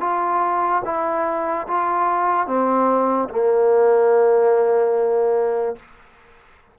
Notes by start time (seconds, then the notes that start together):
0.00 F4
0.85 E4
1.67 F4
2.47 C4
3.29 A#3